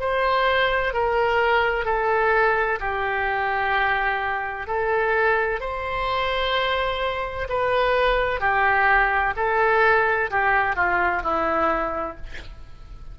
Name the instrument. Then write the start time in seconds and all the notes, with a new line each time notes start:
oboe
0.00 C5
0.94 A#4
1.85 A4
2.80 G4
4.67 A4
5.60 C5
7.49 B4
8.40 G4
9.36 A4
10.30 G4
10.76 F4
11.23 E4